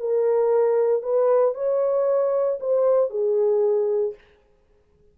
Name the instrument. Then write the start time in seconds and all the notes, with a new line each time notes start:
horn
0.00 A#4
1.03 B4
1.55 C#5
2.60 C5
3.10 G#4